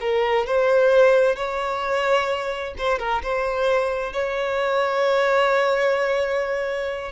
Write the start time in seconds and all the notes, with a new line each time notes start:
0.00 A#4
0.46 C5
1.36 C#5
2.78 C5
2.99 A#4
3.22 C5
4.12 C#5